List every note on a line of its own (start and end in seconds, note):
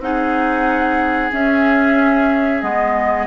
0.00 1.30 C4
0.00 1.32 D#4
0.00 3.27 G#4
0.00 1.32 F#5
1.32 2.62 C#4
1.32 2.62 E5
2.62 3.27 G#3
2.62 3.27 B3
2.62 3.27 D#5